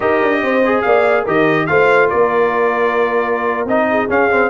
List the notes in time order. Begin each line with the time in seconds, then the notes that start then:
0.00 D#4 G4 A#4 D#5
0.22 D4
0.42 C4 C5
0.65 G#4
0.81 A#3 D5 F5
1.23 D#3 G4 A#4 D#5
1.66 A3 F4 C5 F5
2.09 A#3 A#4 D5
3.65 C4 D#4 D#5
3.90 G#4
4.08 C#4 F5
4.30 C4